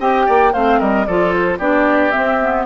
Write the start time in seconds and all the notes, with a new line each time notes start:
0.00 C4 G4 D#5 G5
0.26 A#3 D5
0.53 A3 C4 C5 F5
0.79 G3 A#4 D#5
1.06 F3 F4 A4 D5
1.33 C5
1.59 B3 D4 G4 D5
2.12 C4 E5
2.41 B3